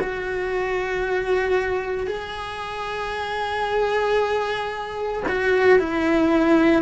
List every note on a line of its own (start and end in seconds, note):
0.00 2.07 F#4
2.07 5.22 G#4
5.28 5.78 F#4
5.78 6.82 E4